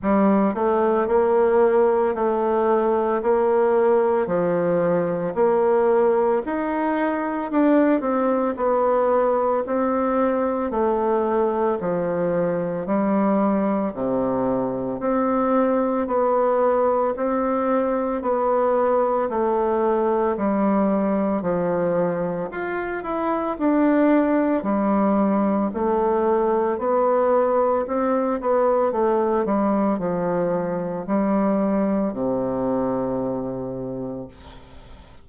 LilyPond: \new Staff \with { instrumentName = "bassoon" } { \time 4/4 \tempo 4 = 56 g8 a8 ais4 a4 ais4 | f4 ais4 dis'4 d'8 c'8 | b4 c'4 a4 f4 | g4 c4 c'4 b4 |
c'4 b4 a4 g4 | f4 f'8 e'8 d'4 g4 | a4 b4 c'8 b8 a8 g8 | f4 g4 c2 | }